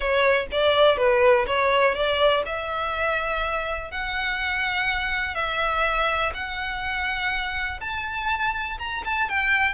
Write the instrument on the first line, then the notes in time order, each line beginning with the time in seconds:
violin
0.00 C#5
0.51 D5
0.97 B4
1.46 C#5
1.94 D5
2.45 E5
3.91 F#5
5.34 E5
6.33 F#5
7.80 A5
8.78 A#5
9.04 A5
9.29 G5